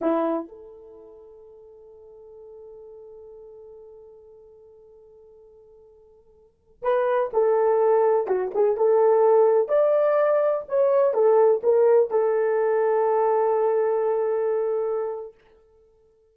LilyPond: \new Staff \with { instrumentName = "horn" } { \time 4/4 \tempo 4 = 125 e'4 a'2.~ | a'1~ | a'1~ | a'2~ a'16 b'4 a'8.~ |
a'4~ a'16 fis'8 gis'8 a'4.~ a'16~ | a'16 d''2 cis''4 a'8.~ | a'16 ais'4 a'2~ a'8.~ | a'1 | }